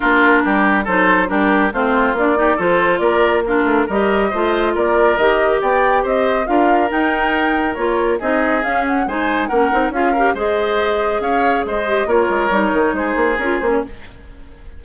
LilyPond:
<<
  \new Staff \with { instrumentName = "flute" } { \time 4/4 \tempo 4 = 139 ais'2 c''4 ais'4 | c''4 d''4 c''4 d''4 | ais'4 dis''2 d''4 | dis''4 g''4 dis''4 f''4 |
g''2 cis''4 dis''4 | f''8 fis''8 gis''4 fis''4 f''4 | dis''2 f''4 dis''4 | cis''2 c''4 ais'8 c''16 cis''16 | }
  \new Staff \with { instrumentName = "oboe" } { \time 4/4 f'4 g'4 a'4 g'4 | f'4. g'8 a'4 ais'4 | f'4 ais'4 c''4 ais'4~ | ais'4 d''4 c''4 ais'4~ |
ais'2. gis'4~ | gis'4 c''4 ais'4 gis'8 ais'8 | c''2 cis''4 c''4 | ais'2 gis'2 | }
  \new Staff \with { instrumentName = "clarinet" } { \time 4/4 d'2 dis'4 d'4 | c'4 d'8 dis'8 f'2 | d'4 g'4 f'2 | g'2. f'4 |
dis'2 f'4 dis'4 | cis'4 dis'4 cis'8 dis'8 f'8 g'8 | gis'2.~ gis'8 g'8 | f'4 dis'2 f'8 cis'8 | }
  \new Staff \with { instrumentName = "bassoon" } { \time 4/4 ais4 g4 fis4 g4 | a4 ais4 f4 ais4~ | ais8 a8 g4 a4 ais4 | dis4 b4 c'4 d'4 |
dis'2 ais4 c'4 | cis'4 gis4 ais8 c'8 cis'4 | gis2 cis'4 gis4 | ais8 gis8 g8 dis8 gis8 ais8 cis'8 ais8 | }
>>